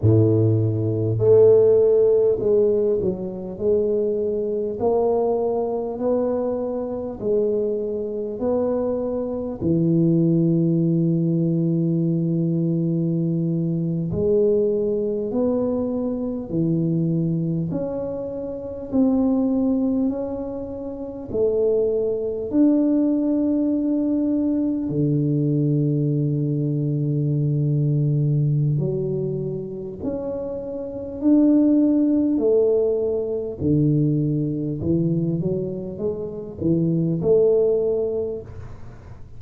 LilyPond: \new Staff \with { instrumentName = "tuba" } { \time 4/4 \tempo 4 = 50 a,4 a4 gis8 fis8 gis4 | ais4 b4 gis4 b4 | e2.~ e8. gis16~ | gis8. b4 e4 cis'4 c'16~ |
c'8. cis'4 a4 d'4~ d'16~ | d'8. d2.~ d16 | fis4 cis'4 d'4 a4 | d4 e8 fis8 gis8 e8 a4 | }